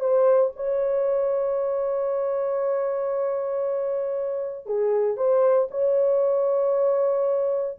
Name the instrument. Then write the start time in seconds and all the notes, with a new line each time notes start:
horn
0.00 C5
0.56 C#5
4.66 G#4
5.17 C5
5.71 C#5